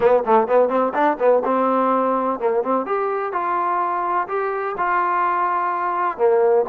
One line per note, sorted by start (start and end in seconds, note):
0.00 0.23 B3
0.25 0.47 A3
0.47 0.68 B3
0.68 0.92 C4
0.94 1.17 D4
1.19 1.43 B3
1.44 2.39 C4
2.39 2.63 A#3
2.63 2.85 C4
2.85 3.32 G4
3.32 4.27 F4
4.27 4.75 G4
4.77 6.17 F4
6.17 6.65 A#3